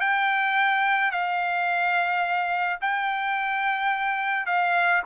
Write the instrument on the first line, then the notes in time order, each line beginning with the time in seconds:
trumpet
0.00 G5
1.11 F5
2.81 G5
4.46 F5